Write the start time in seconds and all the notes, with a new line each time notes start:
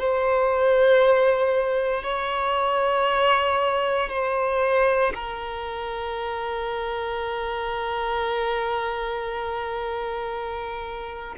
0.00 C5
2.04 C#5
4.10 C5
5.15 A#4